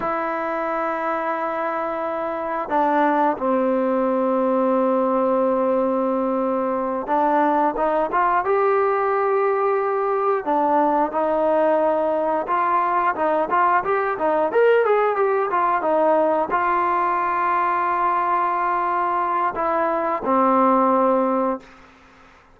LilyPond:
\new Staff \with { instrumentName = "trombone" } { \time 4/4 \tempo 4 = 89 e'1 | d'4 c'2.~ | c'2~ c'8 d'4 dis'8 | f'8 g'2. d'8~ |
d'8 dis'2 f'4 dis'8 | f'8 g'8 dis'8 ais'8 gis'8 g'8 f'8 dis'8~ | dis'8 f'2.~ f'8~ | f'4 e'4 c'2 | }